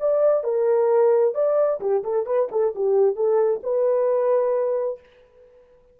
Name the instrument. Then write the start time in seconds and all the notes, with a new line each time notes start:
horn
0.00 D5
0.43 A#4
1.34 D5
1.80 G4
2.04 A4
2.26 B4
2.51 A4
2.75 G4
3.15 A4
3.63 B4